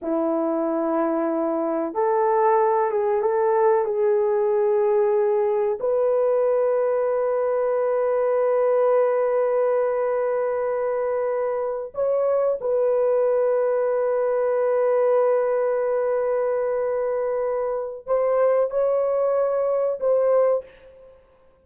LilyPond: \new Staff \with { instrumentName = "horn" } { \time 4/4 \tempo 4 = 93 e'2. a'4~ | a'8 gis'8 a'4 gis'2~ | gis'4 b'2.~ | b'1~ |
b'2~ b'8 cis''4 b'8~ | b'1~ | b'1 | c''4 cis''2 c''4 | }